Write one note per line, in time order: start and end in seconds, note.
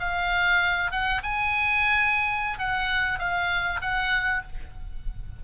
0.00 0.92 F5
0.92 1.22 F#5
1.23 2.59 G#5
2.59 3.19 F#5
3.19 3.80 F5
3.82 4.43 F#5